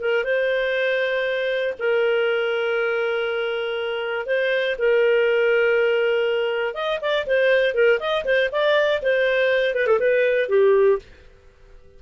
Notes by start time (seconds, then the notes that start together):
0.00 A#4
0.24 C5
1.78 A#4
4.26 C5
4.78 A#4
6.74 D#5
7.01 D5
7.26 C5
7.74 A#4
7.99 D#5
8.24 C5
8.51 D5
9.02 C5
9.74 B4
9.86 A4
9.99 B4
10.48 G4